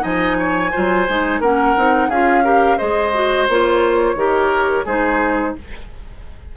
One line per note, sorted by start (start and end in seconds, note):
0.00 0.73 F3
0.00 0.69 D#4
0.00 0.37 D#5
0.00 1.41 G#5
0.38 0.71 C#5
0.71 1.09 F#3
0.71 1.07 F4
0.71 1.40 C5
1.08 1.40 G#3
1.08 1.43 D#4
1.40 1.74 A#3
1.40 1.77 C#4
1.40 2.09 A#4
1.40 2.10 F#5
1.77 2.09 C4
1.77 2.11 D#4
2.09 2.78 C#4
2.09 2.44 F4
2.09 2.43 G#4
2.09 2.78 F5
2.44 2.78 G4
2.44 2.78 A#4
2.78 3.48 G#3
2.78 3.13 G#4
2.78 4.16 C5
2.78 3.47 D#5
3.14 3.48 F#4
3.48 4.15 A#3
3.48 4.16 F4
3.48 4.87 C#5
4.15 4.84 D#3
4.15 4.85 G4
4.15 4.85 A#4
4.85 5.54 G#3
4.85 5.56 D#4
4.85 5.54 G#4
4.85 5.56 C5